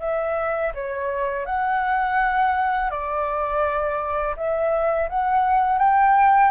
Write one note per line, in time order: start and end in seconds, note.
0.00 0.72 E5
0.74 1.46 C#5
1.46 2.90 F#5
2.90 4.35 D5
4.36 5.09 E5
5.09 5.78 F#5
5.78 6.51 G5